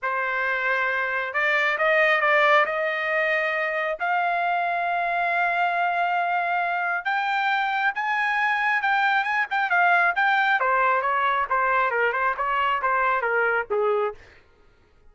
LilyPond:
\new Staff \with { instrumentName = "trumpet" } { \time 4/4 \tempo 4 = 136 c''2. d''4 | dis''4 d''4 dis''2~ | dis''4 f''2.~ | f''1 |
g''2 gis''2 | g''4 gis''8 g''8 f''4 g''4 | c''4 cis''4 c''4 ais'8 c''8 | cis''4 c''4 ais'4 gis'4 | }